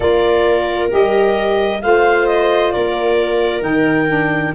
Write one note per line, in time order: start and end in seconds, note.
0.00 0.91 A#3
0.00 0.89 F4
0.00 1.80 A#4
0.00 0.88 D5
0.89 1.82 G3
0.89 1.80 G4
0.89 1.82 D#5
1.82 2.73 A3
1.82 3.60 F4
1.82 2.73 C5
1.82 2.27 F5
2.27 2.71 D#5
2.71 3.62 A#3
2.71 4.55 A#4
2.71 3.62 D5
3.60 4.53 D#3
3.60 4.05 D#4
3.60 4.53 G5
4.08 4.53 D4